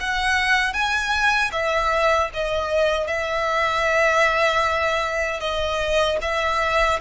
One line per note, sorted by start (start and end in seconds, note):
0.00 0.73 F#5
0.73 1.51 G#5
1.52 2.30 E5
2.33 3.07 D#5
3.07 5.40 E5
5.40 6.18 D#5
6.22 7.00 E5